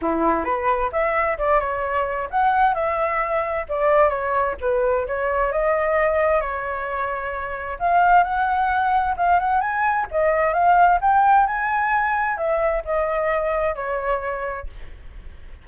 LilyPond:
\new Staff \with { instrumentName = "flute" } { \time 4/4 \tempo 4 = 131 e'4 b'4 e''4 d''8 cis''8~ | cis''4 fis''4 e''2 | d''4 cis''4 b'4 cis''4 | dis''2 cis''2~ |
cis''4 f''4 fis''2 | f''8 fis''8 gis''4 dis''4 f''4 | g''4 gis''2 e''4 | dis''2 cis''2 | }